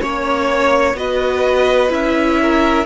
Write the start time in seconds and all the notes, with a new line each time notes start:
0.00 A#3 C#4 C#5
0.94 B3 F#4 B4 D#5
1.90 C#4 E4 E5
2.42 A#4